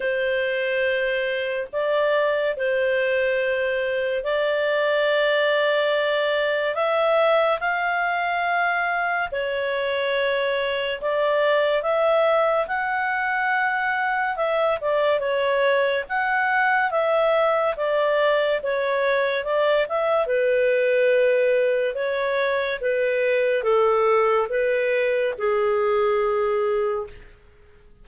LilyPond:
\new Staff \with { instrumentName = "clarinet" } { \time 4/4 \tempo 4 = 71 c''2 d''4 c''4~ | c''4 d''2. | e''4 f''2 cis''4~ | cis''4 d''4 e''4 fis''4~ |
fis''4 e''8 d''8 cis''4 fis''4 | e''4 d''4 cis''4 d''8 e''8 | b'2 cis''4 b'4 | a'4 b'4 gis'2 | }